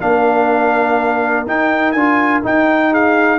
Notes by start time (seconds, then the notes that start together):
0.00 A#3 D4 A#4 F5
1.46 D#4 G5
1.92 D4 F4 G#5
2.43 D#4 G5
2.91 G#4 F5